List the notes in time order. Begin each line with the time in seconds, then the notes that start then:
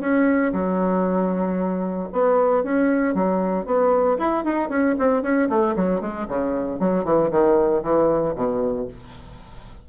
0.00 C#4
0.53 F#3
2.12 B3
2.63 C#4
3.14 F#3
3.65 B3
4.18 E4
4.44 D#4
4.69 C#4
4.99 C4
5.22 C#4
5.49 A3
5.76 F#3
6.01 G#3
6.28 C#3
6.79 F#3
7.04 E3
7.31 D#3
7.83 E3
8.35 B2